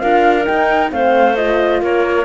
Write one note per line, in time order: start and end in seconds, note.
0.00 0.48 D4
0.00 0.44 F4
0.00 0.92 A#4
0.00 0.45 F5
0.44 0.89 D#4
0.44 0.91 G5
0.50 0.92 D#4
0.91 1.82 A3
0.91 1.36 C4
0.91 1.83 C5
0.91 1.37 F5
1.37 2.25 F4
1.37 1.82 D#5
1.82 2.25 A#3
1.82 2.25 A#4
1.82 2.25 C#5